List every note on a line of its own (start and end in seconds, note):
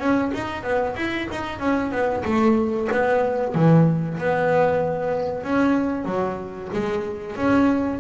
0.00 0.32 C#4
0.35 0.64 D#4
0.64 0.96 B3
0.96 1.28 E4
1.32 1.60 D#4
1.60 1.92 C#4
1.92 2.24 B3
2.25 2.89 A3
2.92 3.55 B3
3.55 4.19 E3
4.19 5.44 B3
5.44 6.05 C#4
6.05 6.69 F#3
6.74 7.37 G#3
7.37 8.00 C#4